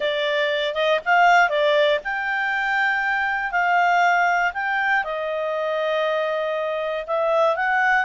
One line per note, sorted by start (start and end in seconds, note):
0.00 0.74 D5
0.74 0.99 D#5
1.05 1.49 F5
1.49 1.99 D5
2.04 3.51 G5
3.51 4.52 F5
4.53 5.04 G5
5.04 7.05 D#5
7.06 7.56 E5
7.56 8.05 F#5